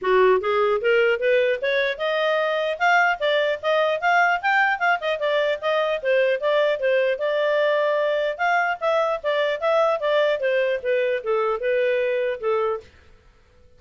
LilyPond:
\new Staff \with { instrumentName = "clarinet" } { \time 4/4 \tempo 4 = 150 fis'4 gis'4 ais'4 b'4 | cis''4 dis''2 f''4 | d''4 dis''4 f''4 g''4 | f''8 dis''8 d''4 dis''4 c''4 |
d''4 c''4 d''2~ | d''4 f''4 e''4 d''4 | e''4 d''4 c''4 b'4 | a'4 b'2 a'4 | }